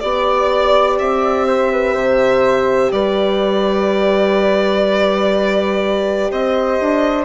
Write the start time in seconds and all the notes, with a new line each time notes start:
0.00 B3 G4 D5
0.99 C4 E5
1.47 C5
1.72 B4
1.94 C3 C5
2.92 G3 B4 D5
6.31 C4 C5 D#5
6.80 D4